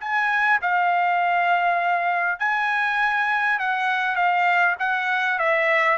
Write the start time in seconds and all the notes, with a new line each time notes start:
0.00 G#5
0.62 F5
2.39 G#5
3.59 F#5
4.16 F5
4.79 F#5
5.39 E5